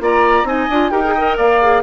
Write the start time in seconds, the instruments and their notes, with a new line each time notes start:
0.00 bassoon A#3, clarinet F4, oboe D5, flute A#5
0.44 bassoon C4, clarinet D#4, oboe D#5, flute G#5
0.70 bassoon D4, clarinet F4
0.90 bassoon D#4, clarinet G4, oboe A#4, flute G5
1.04 clarinet G#4
1.14 clarinet A#4, oboe D#5
1.37 bassoon A#3, oboe D5, flute F5
1.62 clarinet G#4